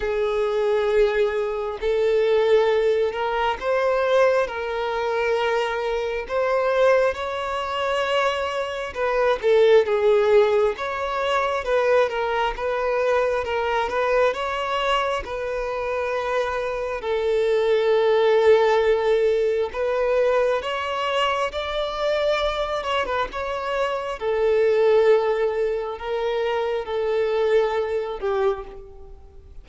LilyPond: \new Staff \with { instrumentName = "violin" } { \time 4/4 \tempo 4 = 67 gis'2 a'4. ais'8 | c''4 ais'2 c''4 | cis''2 b'8 a'8 gis'4 | cis''4 b'8 ais'8 b'4 ais'8 b'8 |
cis''4 b'2 a'4~ | a'2 b'4 cis''4 | d''4. cis''16 b'16 cis''4 a'4~ | a'4 ais'4 a'4. g'8 | }